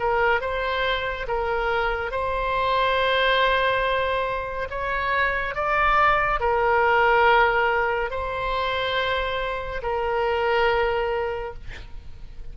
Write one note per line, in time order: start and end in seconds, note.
0.00 0.41 A#4
0.41 1.27 C5
1.28 2.12 A#4
2.12 4.69 C5
4.70 5.55 C#5
5.55 6.40 D5
6.40 8.11 A#4
8.11 9.82 C5
9.83 11.54 A#4